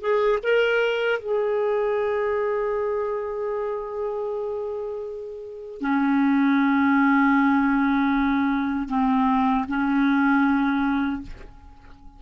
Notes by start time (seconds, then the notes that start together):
0.00 G#4
0.43 A#4
1.20 G#4
5.80 C#4
8.88 C4
9.68 C#4